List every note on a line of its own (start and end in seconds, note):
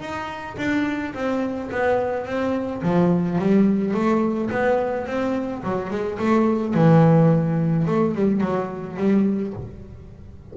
0.00 0.56 D#4
0.58 1.14 D4
1.14 1.70 C4
1.71 2.26 B3
2.26 2.82 C4
2.82 3.38 F3
3.38 3.94 G3
3.94 4.50 A3
4.51 5.06 B3
5.06 5.63 C4
5.63 5.90 F#3
5.90 6.18 G#3
6.19 6.74 A3
6.74 7.86 E3
7.87 8.15 A3
8.15 8.41 G3
8.41 8.97 F#3
8.97 9.53 G3